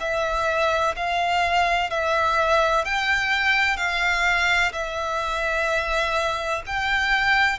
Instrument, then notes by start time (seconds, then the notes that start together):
violin
0.00 E5
0.96 F5
1.90 E5
2.85 G5
3.77 F5
4.72 E5
6.66 G5